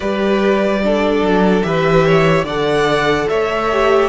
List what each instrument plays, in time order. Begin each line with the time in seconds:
0.00 cello G3, viola G4, violin B4 D5
0.83 viola D4, violin A4
1.21 cello F#3
1.62 cello E3, viola G4, violin B4 E5
2.05 violin C#5
2.43 cello D3, viola A4, violin D5 F#5
3.29 cello A3, violin C#5 E5
3.71 viola G4